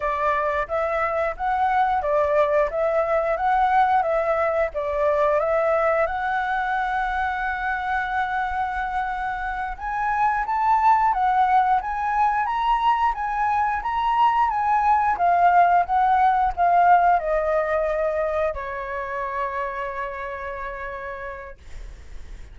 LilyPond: \new Staff \with { instrumentName = "flute" } { \time 4/4 \tempo 4 = 89 d''4 e''4 fis''4 d''4 | e''4 fis''4 e''4 d''4 | e''4 fis''2.~ | fis''2~ fis''8 gis''4 a''8~ |
a''8 fis''4 gis''4 ais''4 gis''8~ | gis''8 ais''4 gis''4 f''4 fis''8~ | fis''8 f''4 dis''2 cis''8~ | cis''1 | }